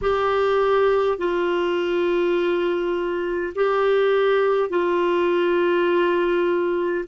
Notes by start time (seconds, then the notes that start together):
0.01 G4
1.18 F4
3.55 G4
4.69 F4